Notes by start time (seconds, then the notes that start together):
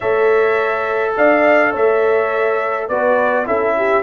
0.00 A3 A4 C#5 E5
1.16 D4 D5 F5
1.71 A3 C#5 E5
2.88 B3 F#4 B4 D5
3.45 C#4 E4 A4 E5
3.77 G4